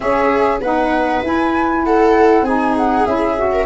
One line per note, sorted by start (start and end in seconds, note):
0.00 0.59 C#4
0.00 0.60 C#4
0.00 0.61 G#4
0.00 0.59 E5
0.60 1.22 B3
0.60 1.24 D#4
0.60 1.84 B4
0.60 1.23 F#5
1.22 2.41 E4
1.22 2.45 E4
1.22 1.84 G#5
1.84 2.44 A4
1.84 2.44 F#5
2.41 3.03 C4
2.41 3.07 D#4
2.41 3.51 G#4
2.41 2.75 G#5
2.77 3.05 F#5
3.05 3.66 C#4
3.05 3.36 E4
3.05 3.66 E5
3.36 3.66 F#4
3.51 3.66 A#4